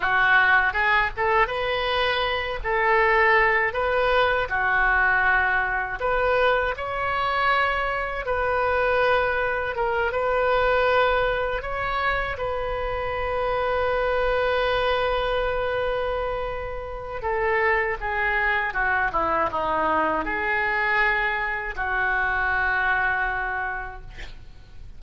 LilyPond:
\new Staff \with { instrumentName = "oboe" } { \time 4/4 \tempo 4 = 80 fis'4 gis'8 a'8 b'4. a'8~ | a'4 b'4 fis'2 | b'4 cis''2 b'4~ | b'4 ais'8 b'2 cis''8~ |
cis''8 b'2.~ b'8~ | b'2. a'4 | gis'4 fis'8 e'8 dis'4 gis'4~ | gis'4 fis'2. | }